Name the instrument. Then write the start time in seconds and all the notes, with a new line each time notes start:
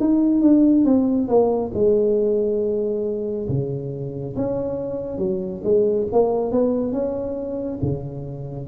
tuba
0.00 D#4
0.42 D4
0.85 C4
1.28 A#3
1.74 G#3
3.49 C#3
4.36 C#4
5.18 F#3
5.64 G#3
6.12 A#3
6.52 B3
6.93 C#4
7.82 C#3